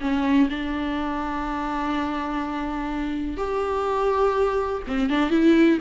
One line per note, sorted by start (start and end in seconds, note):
0.00 0.48 C#4
0.49 3.37 D4
3.37 4.82 G4
4.87 5.09 C4
5.09 5.29 D4
5.29 5.78 E4